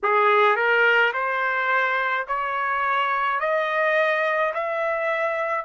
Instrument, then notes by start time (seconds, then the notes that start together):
trumpet
0.03 G#4
0.56 A#4
1.13 C5
2.27 C#5
3.40 D#5
4.53 E5